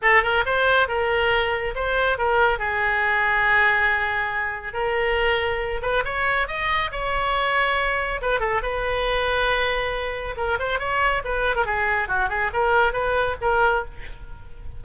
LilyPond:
\new Staff \with { instrumentName = "oboe" } { \time 4/4 \tempo 4 = 139 a'8 ais'8 c''4 ais'2 | c''4 ais'4 gis'2~ | gis'2. ais'4~ | ais'4. b'8 cis''4 dis''4 |
cis''2. b'8 a'8 | b'1 | ais'8 c''8 cis''4 b'8. ais'16 gis'4 | fis'8 gis'8 ais'4 b'4 ais'4 | }